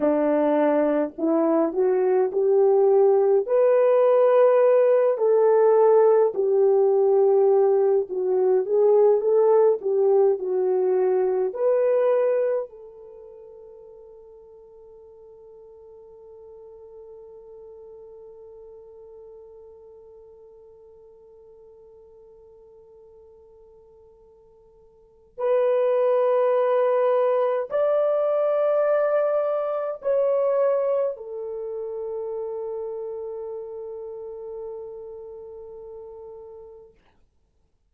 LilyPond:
\new Staff \with { instrumentName = "horn" } { \time 4/4 \tempo 4 = 52 d'4 e'8 fis'8 g'4 b'4~ | b'8 a'4 g'4. fis'8 gis'8 | a'8 g'8 fis'4 b'4 a'4~ | a'1~ |
a'1~ | a'2 b'2 | d''2 cis''4 a'4~ | a'1 | }